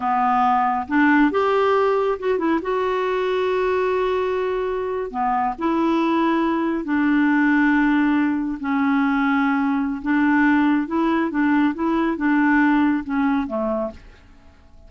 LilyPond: \new Staff \with { instrumentName = "clarinet" } { \time 4/4 \tempo 4 = 138 b2 d'4 g'4~ | g'4 fis'8 e'8 fis'2~ | fis'2.~ fis'8. b16~ | b8. e'2. d'16~ |
d'2.~ d'8. cis'16~ | cis'2. d'4~ | d'4 e'4 d'4 e'4 | d'2 cis'4 a4 | }